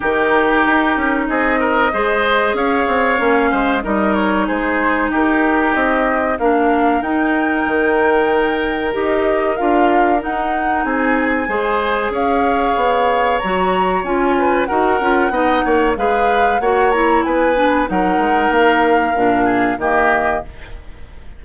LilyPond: <<
  \new Staff \with { instrumentName = "flute" } { \time 4/4 \tempo 4 = 94 ais'2 dis''2 | f''2 dis''8 cis''8 c''4 | ais'4 dis''4 f''4 g''4~ | g''2 dis''4 f''4 |
fis''4 gis''2 f''4~ | f''4 ais''4 gis''4 fis''4~ | fis''4 f''4 fis''8 ais''8 gis''4 | fis''4 f''2 dis''4 | }
  \new Staff \with { instrumentName = "oboe" } { \time 4/4 g'2 gis'8 ais'8 c''4 | cis''4. c''8 ais'4 gis'4 | g'2 ais'2~ | ais'1~ |
ais'4 gis'4 c''4 cis''4~ | cis''2~ cis''8 b'8 ais'4 | dis''8 cis''8 b'4 cis''4 b'4 | ais'2~ ais'8 gis'8 g'4 | }
  \new Staff \with { instrumentName = "clarinet" } { \time 4/4 dis'2. gis'4~ | gis'4 cis'4 dis'2~ | dis'2 d'4 dis'4~ | dis'2 g'4 f'4 |
dis'2 gis'2~ | gis'4 fis'4 f'4 fis'8 f'8 | dis'4 gis'4 fis'8 e'4 d'8 | dis'2 d'4 ais4 | }
  \new Staff \with { instrumentName = "bassoon" } { \time 4/4 dis4 dis'8 cis'8 c'4 gis4 | cis'8 c'8 ais8 gis8 g4 gis4 | dis'4 c'4 ais4 dis'4 | dis2 dis'4 d'4 |
dis'4 c'4 gis4 cis'4 | b4 fis4 cis'4 dis'8 cis'8 | b8 ais8 gis4 ais4 b4 | fis8 gis8 ais4 ais,4 dis4 | }
>>